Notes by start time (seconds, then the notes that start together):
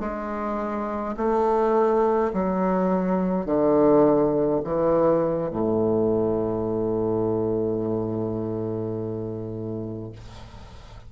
0.00 G#3
1.16 A3
2.33 F#3
3.46 D3
4.64 E3
5.50 A2